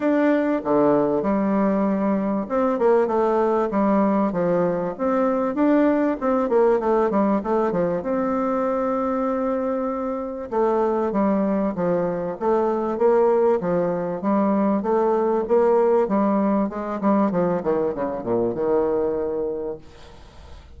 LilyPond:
\new Staff \with { instrumentName = "bassoon" } { \time 4/4 \tempo 4 = 97 d'4 d4 g2 | c'8 ais8 a4 g4 f4 | c'4 d'4 c'8 ais8 a8 g8 | a8 f8 c'2.~ |
c'4 a4 g4 f4 | a4 ais4 f4 g4 | a4 ais4 g4 gis8 g8 | f8 dis8 cis8 ais,8 dis2 | }